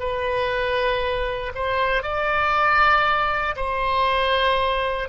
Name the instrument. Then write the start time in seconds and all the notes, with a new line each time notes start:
oboe
0.00 B4
1.55 C5
2.03 D5
3.56 C5